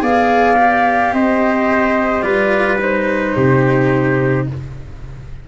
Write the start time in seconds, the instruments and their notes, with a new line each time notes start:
0.00 tuba B3, cello G#4, trumpet D5, flute F5
0.56 cello G4
1.13 tuba C4, trumpet C5, flute D#5
2.22 tuba G3, cello F4, trumpet B4, flute D5
2.81 cello D#4, flute C5
3.37 tuba C3, trumpet G4